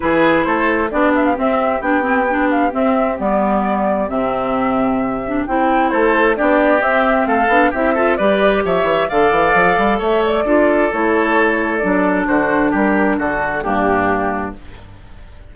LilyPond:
<<
  \new Staff \with { instrumentName = "flute" } { \time 4/4 \tempo 4 = 132 b'4 c''4 d''8 e''16 f''16 e''4 | g''4. f''8 e''4 d''4~ | d''4 e''2. | g''4 c''4 d''4 e''4 |
f''4 e''4 d''4 e''4 | f''2 e''8 d''4. | cis''2 d''4 c''4 | ais'4 a'4 g'2 | }
  \new Staff \with { instrumentName = "oboe" } { \time 4/4 gis'4 a'4 g'2~ | g'1~ | g'1~ | g'4 a'4 g'2 |
a'4 g'8 a'8 b'4 cis''4 | d''2 cis''4 a'4~ | a'2. fis'4 | g'4 fis'4 d'2 | }
  \new Staff \with { instrumentName = "clarinet" } { \time 4/4 e'2 d'4 c'4 | d'8 c'8 d'4 c'4 b4~ | b4 c'2~ c'8 d'8 | e'2 d'4 c'4~ |
c'8 d'8 e'8 f'8 g'2 | a'2. f'4 | e'2 d'2~ | d'2 ais2 | }
  \new Staff \with { instrumentName = "bassoon" } { \time 4/4 e4 a4 b4 c'4 | b2 c'4 g4~ | g4 c2. | c'4 a4 b4 c'4 |
a8 b8 c'4 g4 f8 e8 | d8 e8 f8 g8 a4 d'4 | a2 fis4 d4 | g4 d4 g,2 | }
>>